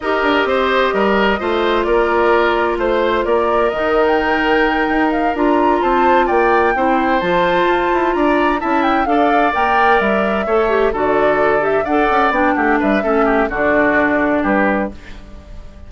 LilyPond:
<<
  \new Staff \with { instrumentName = "flute" } { \time 4/4 \tempo 4 = 129 dis''1 | d''2 c''4 d''4 | dis''8. g''2~ g''16 f''8 ais''8~ | ais''8 a''4 g''2 a''8~ |
a''4. ais''4 a''8 g''8 f''8~ | f''8 g''4 e''2 d''8~ | d''4 e''8 fis''4 g''8 fis''8 e''8~ | e''4 d''2 b'4 | }
  \new Staff \with { instrumentName = "oboe" } { \time 4/4 ais'4 c''4 ais'4 c''4 | ais'2 c''4 ais'4~ | ais'1~ | ais'8 c''4 d''4 c''4.~ |
c''4. d''4 e''4 d''8~ | d''2~ d''8 cis''4 a'8~ | a'4. d''4. g'8 b'8 | a'8 g'8 fis'2 g'4 | }
  \new Staff \with { instrumentName = "clarinet" } { \time 4/4 g'2. f'4~ | f'1 | dis'2.~ dis'8 f'8~ | f'2~ f'8 e'4 f'8~ |
f'2~ f'8 e'4 a'8~ | a'8 ais'2 a'8 g'8 fis'8~ | fis'4 g'8 a'4 d'4. | cis'4 d'2. | }
  \new Staff \with { instrumentName = "bassoon" } { \time 4/4 dis'8 d'8 c'4 g4 a4 | ais2 a4 ais4 | dis2~ dis8 dis'4 d'8~ | d'8 c'4 ais4 c'4 f8~ |
f8 f'8 e'8 d'4 cis'4 d'8~ | d'8 ais4 g4 a4 d8~ | d4. d'8 cis'8 b8 a8 g8 | a4 d2 g4 | }
>>